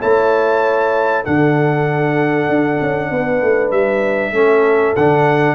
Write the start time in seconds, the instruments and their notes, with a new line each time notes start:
0.00 tuba A3, trombone E4, horn C#5, trumpet A5
1.23 tuba D3, trombone D4, horn A4, trumpet F#5
2.49 tuba D4
2.81 tuba C#4
3.11 tuba B3, horn B4
3.42 tuba A3
3.71 tuba G3, trumpet E5
4.31 tuba A3, trombone C#4, horn A4
4.96 tuba D3, trombone D4, trumpet F#5